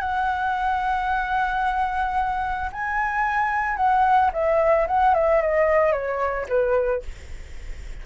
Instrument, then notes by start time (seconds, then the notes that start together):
flute
0.00 F#5
2.72 G#5
3.76 F#5
4.33 E5
4.87 F#5
5.14 E5
5.41 D#5
5.92 C#5
6.49 B4